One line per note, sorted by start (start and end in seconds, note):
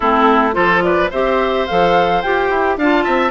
0.00 0.55 A3
0.00 0.52 C4
0.00 0.54 E4
0.00 0.54 A4
0.52 1.11 F3
0.52 1.08 F4
0.52 0.83 A4
0.52 0.81 C5
0.82 1.10 B4
0.82 1.10 D5
1.10 1.67 C4
1.10 1.68 G4
1.10 2.77 C5
1.10 1.67 E5
1.67 2.23 F3
1.67 2.24 A4
1.67 2.22 F5
2.22 2.50 F4
2.22 2.79 G4
2.22 2.77 G5
2.50 2.77 E4
2.77 3.05 D4
2.77 3.31 F4
2.77 3.04 F5
2.77 3.31 A5
3.04 3.31 C4
3.04 3.31 E5